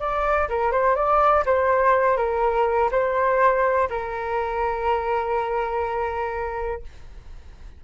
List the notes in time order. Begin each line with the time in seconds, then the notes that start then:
0.00 D5
0.49 A#4
0.72 C5
0.96 D5
1.46 C5
2.17 A#4
2.92 C5
3.90 A#4